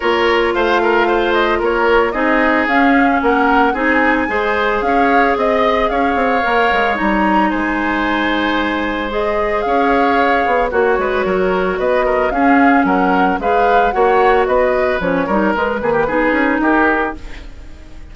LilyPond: <<
  \new Staff \with { instrumentName = "flute" } { \time 4/4 \tempo 4 = 112 cis''4 f''4. dis''8 cis''4 | dis''4 f''4 fis''4 gis''4~ | gis''4 f''4 dis''4 f''4~ | f''4 ais''4 gis''2~ |
gis''4 dis''4 f''2 | cis''2 dis''4 f''4 | fis''4 f''4 fis''4 dis''4 | cis''4 b'2 ais'4 | }
  \new Staff \with { instrumentName = "oboe" } { \time 4/4 ais'4 c''8 ais'8 c''4 ais'4 | gis'2 ais'4 gis'4 | c''4 cis''4 dis''4 cis''4~ | cis''2 c''2~ |
c''2 cis''2 | fis'8 b'8 ais'4 b'8 ais'8 gis'4 | ais'4 b'4 cis''4 b'4~ | b'8 ais'4 gis'16 g'16 gis'4 g'4 | }
  \new Staff \with { instrumentName = "clarinet" } { \time 4/4 f'1 | dis'4 cis'2 dis'4 | gis'1 | ais'4 dis'2.~ |
dis'4 gis'2. | fis'2. cis'4~ | cis'4 gis'4 fis'2 | cis'8 dis'8 gis8 dis8 dis'2 | }
  \new Staff \with { instrumentName = "bassoon" } { \time 4/4 ais4 a2 ais4 | c'4 cis'4 ais4 c'4 | gis4 cis'4 c'4 cis'8 c'8 | ais8 gis8 g4 gis2~ |
gis2 cis'4. b8 | ais8 gis8 fis4 b4 cis'4 | fis4 gis4 ais4 b4 | f8 g8 gis8 ais8 b8 cis'8 dis'4 | }
>>